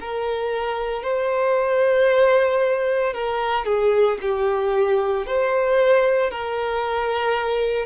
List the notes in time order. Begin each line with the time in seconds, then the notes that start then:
0.00 A#4
1.03 C5
3.13 A#4
3.65 G#4
4.22 G4
5.26 C5
6.31 A#4